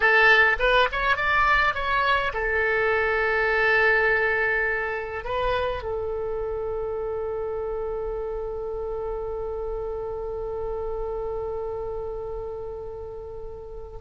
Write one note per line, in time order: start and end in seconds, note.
0.00 0.56 A4
0.59 0.88 B4
0.92 1.16 C#5
1.16 1.74 D5
1.74 2.32 C#5
2.33 5.24 A4
5.24 5.82 B4
5.83 13.98 A4